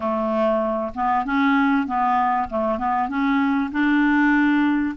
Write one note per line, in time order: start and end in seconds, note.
0.00 0.92 A3
0.94 1.25 B3
1.25 1.86 C#4
1.86 2.48 B3
2.49 2.78 A3
2.78 3.08 B3
3.08 3.70 C#4
3.71 4.95 D4